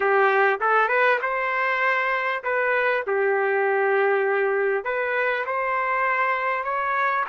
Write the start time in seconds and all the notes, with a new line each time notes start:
0.00 G4
0.60 A4
0.88 B4
1.22 C5
2.43 B4
3.06 G4
4.84 B4
5.45 C5
6.64 C#5